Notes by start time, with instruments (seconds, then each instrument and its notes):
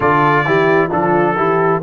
0.00 tuba D3, trombone F4, horn A4, trumpet D5
0.45 tuba E3, trombone E4, horn G4
0.87 tuba F3, trombone D4, horn F4, trumpet A4
1.36 tuba E3, trombone E4, horn G4